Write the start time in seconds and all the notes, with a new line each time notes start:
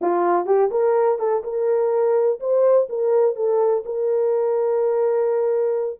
0.01 F4
0.46 G4
0.70 A#4
1.18 A4
1.43 A#4
2.40 C5
2.89 A#4
3.35 A4
3.85 A#4